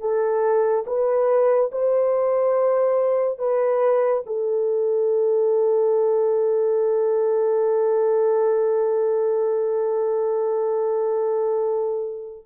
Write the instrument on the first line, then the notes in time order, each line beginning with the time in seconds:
horn
0.00 A4
0.86 B4
1.72 C5
3.39 B4
4.26 A4